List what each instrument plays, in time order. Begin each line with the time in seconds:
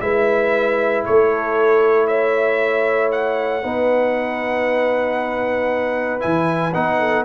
0.00 tuba G#3, trombone E4, horn B4, trumpet E5
1.05 tuba A3, horn A4, trumpet C#5
2.07 horn C#5, trumpet E5
3.11 trumpet F#5
3.62 tuba B3, trombone D#4, horn B4
6.20 tuba E3, trombone E4, trumpet G#5
6.73 tuba B3, trombone D#4, trumpet F#5
6.99 horn A4